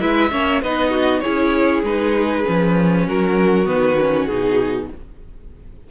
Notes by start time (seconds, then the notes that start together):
0.00 G#3 E4 B4 E5
0.31 A#3 C#4 C#5
0.62 B3 D#4 B4 D#5
0.90 F#4
1.20 E4 G#4 C#5
1.27 C#4
1.83 G#3 D#4 B4
2.44 F3 C#4
3.06 F#3 F#4 A#4
3.65 D#3 B3 B4
3.99 C#4
4.26 B2 D#4 G#4